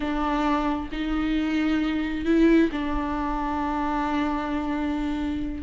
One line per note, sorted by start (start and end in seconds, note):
0.00 0.89 D4
0.91 2.25 D#4
2.25 2.70 E4
2.71 5.63 D4